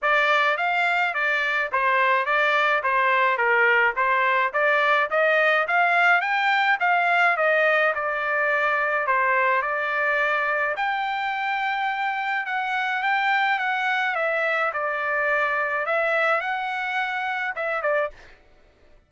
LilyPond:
\new Staff \with { instrumentName = "trumpet" } { \time 4/4 \tempo 4 = 106 d''4 f''4 d''4 c''4 | d''4 c''4 ais'4 c''4 | d''4 dis''4 f''4 g''4 | f''4 dis''4 d''2 |
c''4 d''2 g''4~ | g''2 fis''4 g''4 | fis''4 e''4 d''2 | e''4 fis''2 e''8 d''8 | }